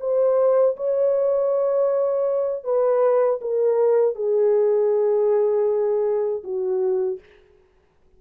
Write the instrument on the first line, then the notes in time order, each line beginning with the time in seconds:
horn
0.00 C5
0.76 C#5
2.64 B4
3.41 A#4
4.15 G#4
6.43 F#4